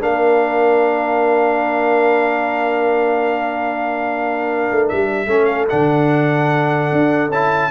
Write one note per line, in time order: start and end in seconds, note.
0.00 4.69 A#3
0.00 5.27 D4
0.00 5.29 A#4
0.00 4.89 F5
4.71 4.92 A3
4.89 5.27 G3
4.89 5.45 E5
5.27 5.67 A3
5.27 5.69 C#4
5.27 7.71 A4
5.45 5.65 F5
5.69 6.92 D3
5.69 7.32 D4
5.69 7.32 F#5
6.92 7.29 D4
7.29 7.69 C#4
7.29 7.71 E4
7.29 7.71 A5